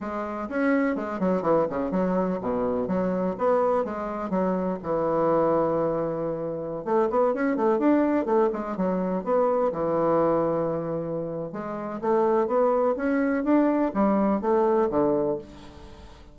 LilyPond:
\new Staff \with { instrumentName = "bassoon" } { \time 4/4 \tempo 4 = 125 gis4 cis'4 gis8 fis8 e8 cis8 | fis4 b,4 fis4 b4 | gis4 fis4 e2~ | e2~ e16 a8 b8 cis'8 a16~ |
a16 d'4 a8 gis8 fis4 b8.~ | b16 e2.~ e8. | gis4 a4 b4 cis'4 | d'4 g4 a4 d4 | }